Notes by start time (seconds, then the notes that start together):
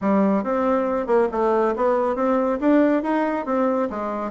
0.01 G3
0.43 C4
1.06 A#3
1.31 A3
1.76 B3
2.15 C4
2.60 D4
3.03 D#4
3.45 C4
3.90 G#3